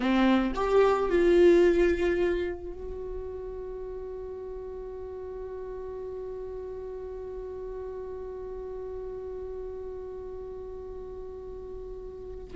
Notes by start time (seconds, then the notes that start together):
0.00 C4
0.55 G4
1.09 F4
2.73 F#4